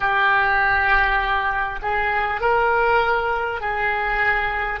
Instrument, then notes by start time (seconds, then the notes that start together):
oboe
0.00 G4
1.82 G#4
2.41 A#4
3.61 G#4